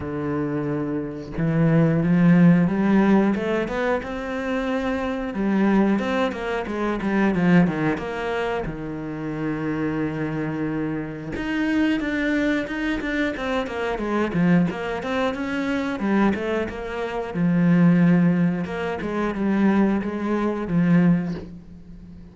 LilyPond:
\new Staff \with { instrumentName = "cello" } { \time 4/4 \tempo 4 = 90 d2 e4 f4 | g4 a8 b8 c'2 | g4 c'8 ais8 gis8 g8 f8 dis8 | ais4 dis2.~ |
dis4 dis'4 d'4 dis'8 d'8 | c'8 ais8 gis8 f8 ais8 c'8 cis'4 | g8 a8 ais4 f2 | ais8 gis8 g4 gis4 f4 | }